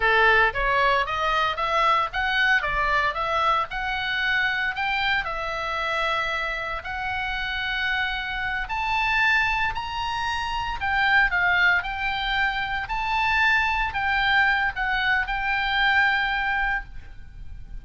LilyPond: \new Staff \with { instrumentName = "oboe" } { \time 4/4 \tempo 4 = 114 a'4 cis''4 dis''4 e''4 | fis''4 d''4 e''4 fis''4~ | fis''4 g''4 e''2~ | e''4 fis''2.~ |
fis''8 a''2 ais''4.~ | ais''8 g''4 f''4 g''4.~ | g''8 a''2 g''4. | fis''4 g''2. | }